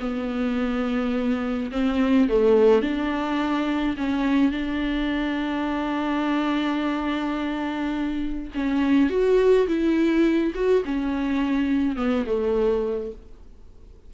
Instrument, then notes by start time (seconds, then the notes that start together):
viola
0.00 B3
1.71 C4
2.29 A3
2.82 D4
3.97 C#4
4.52 D4
8.55 C#4
9.10 F#4
9.68 E4
10.55 F#4
10.85 C#4
11.97 B3
12.26 A3